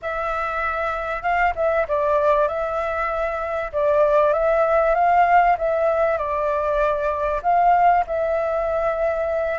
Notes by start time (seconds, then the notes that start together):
0.01 E5
1.22 F5
1.55 E5
1.88 D5
2.48 E5
3.72 D5
4.33 E5
4.95 F5
5.58 E5
6.17 D5
7.42 F5
8.07 E5